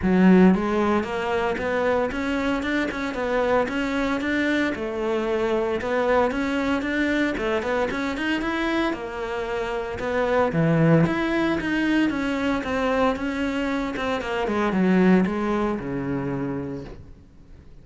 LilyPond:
\new Staff \with { instrumentName = "cello" } { \time 4/4 \tempo 4 = 114 fis4 gis4 ais4 b4 | cis'4 d'8 cis'8 b4 cis'4 | d'4 a2 b4 | cis'4 d'4 a8 b8 cis'8 dis'8 |
e'4 ais2 b4 | e4 e'4 dis'4 cis'4 | c'4 cis'4. c'8 ais8 gis8 | fis4 gis4 cis2 | }